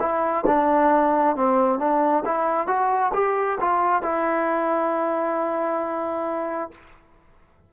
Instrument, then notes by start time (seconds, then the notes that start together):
trombone
0.00 E4
0.47 D4
1.36 C4
1.80 D4
2.26 E4
2.67 F#4
3.14 G4
3.61 F4
4.03 E4